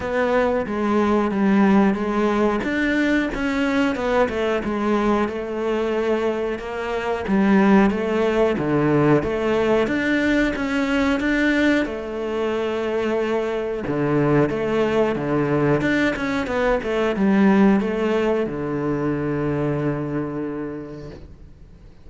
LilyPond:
\new Staff \with { instrumentName = "cello" } { \time 4/4 \tempo 4 = 91 b4 gis4 g4 gis4 | d'4 cis'4 b8 a8 gis4 | a2 ais4 g4 | a4 d4 a4 d'4 |
cis'4 d'4 a2~ | a4 d4 a4 d4 | d'8 cis'8 b8 a8 g4 a4 | d1 | }